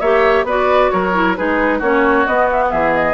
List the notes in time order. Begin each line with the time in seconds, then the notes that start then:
0.00 A#3 G4 C#5 E5
0.43 B3 F#4 B4 D5
0.91 F#3 A#4 C#5
1.13 E4
1.36 G#3 D#4 G#4 B4
1.78 A#3 C#4 F#4 C#5
2.27 B3 D#5
2.52 E5
2.62 F#5
2.71 E3 G#4 E5
2.94 D#5